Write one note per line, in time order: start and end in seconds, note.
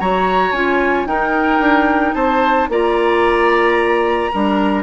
0.00 0.52 F#3
0.00 0.54 F#4
0.00 1.08 C#5
0.00 0.52 A#5
0.52 1.06 C#4
0.52 1.08 F4
0.52 1.06 G#5
1.06 1.59 D#4
1.06 2.70 D#4
1.06 2.15 A#4
1.06 2.14 G5
1.59 2.13 D4
2.14 2.69 C4
2.14 2.69 C5
2.14 2.68 A5
2.69 4.31 A#3
2.69 4.32 F4
2.69 4.32 D5
2.69 4.83 A#5
4.32 4.83 G3
4.32 4.83 D4
4.32 4.83 A#4